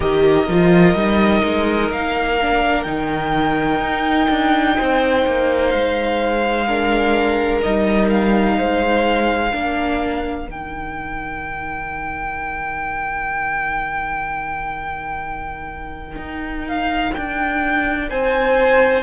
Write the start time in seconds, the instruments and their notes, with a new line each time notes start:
0.00 cello D#3, viola G4, violin A#4 D#5
0.48 cello F3, viola F4
0.94 cello G3, viola D#4
1.44 cello G#3
1.90 cello A#3, violin F5
2.41 viola D4
2.82 cello D#3, viola D#4, violin G5
3.80 cello D#4
4.29 cello D4
4.77 cello C4, violin C5
5.26 cello A#3
5.69 cello G#3, violin F5
6.66 viola D4, violin A#4
7.62 cello G3, viola D#4, violin D#5
8.09 violin F5
8.57 cello G#3, violin C5
9.51 cello A#3, viola D4, violin A#4
10.46 cello D#3, viola D#4, violin G5
16.15 cello D#4
16.67 violin F5
17.14 cello D4, violin G5
18.09 cello C4, violin C5 G#5